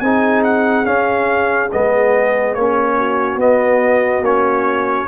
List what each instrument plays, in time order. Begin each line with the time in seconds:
0.00 tuba C4, trombone D#4, horn G#4, trumpet G#5
0.43 trumpet F#5
0.85 trombone C#4, tuba C#4, trumpet F5
1.71 tuba G#3, trombone B3, trumpet D#5
2.54 tuba A#3, trombone C#4, trumpet C#5
2.97 horn F#4
3.36 tuba B3, trombone B3, trumpet D#5
4.21 tuba A#3, trombone C#4, trumpet C#5